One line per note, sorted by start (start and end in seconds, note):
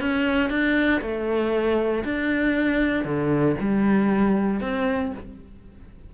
0.00 0.49 C#4
0.49 1.01 D4
1.01 2.04 A3
2.04 3.04 D4
3.04 3.56 D3
3.60 4.60 G3
4.60 5.12 C4